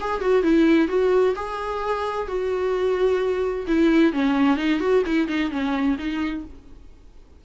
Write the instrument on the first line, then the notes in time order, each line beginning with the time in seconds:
viola
0.00 G#4
0.21 F#4
0.43 E4
0.88 F#4
1.35 G#4
2.27 F#4
3.67 E4
4.12 C#4
4.57 D#4
4.80 F#4
5.06 E4
5.28 D#4
5.50 C#4
5.98 D#4